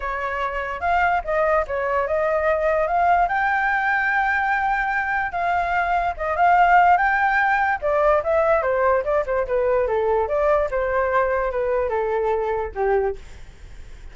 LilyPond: \new Staff \with { instrumentName = "flute" } { \time 4/4 \tempo 4 = 146 cis''2 f''4 dis''4 | cis''4 dis''2 f''4 | g''1~ | g''4 f''2 dis''8 f''8~ |
f''4 g''2 d''4 | e''4 c''4 d''8 c''8 b'4 | a'4 d''4 c''2 | b'4 a'2 g'4 | }